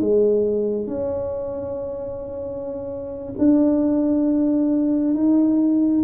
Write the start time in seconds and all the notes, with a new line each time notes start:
0.00 G#3
0.87 C#4
3.38 D4
5.14 D#4